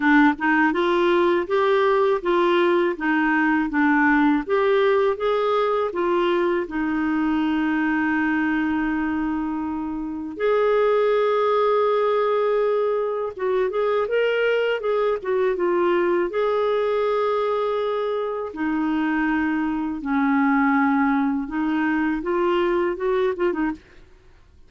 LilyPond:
\new Staff \with { instrumentName = "clarinet" } { \time 4/4 \tempo 4 = 81 d'8 dis'8 f'4 g'4 f'4 | dis'4 d'4 g'4 gis'4 | f'4 dis'2.~ | dis'2 gis'2~ |
gis'2 fis'8 gis'8 ais'4 | gis'8 fis'8 f'4 gis'2~ | gis'4 dis'2 cis'4~ | cis'4 dis'4 f'4 fis'8 f'16 dis'16 | }